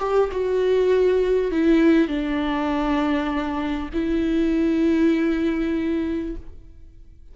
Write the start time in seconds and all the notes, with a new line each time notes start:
0.00 G4
0.32 F#4
1.52 E4
2.08 D4
3.94 E4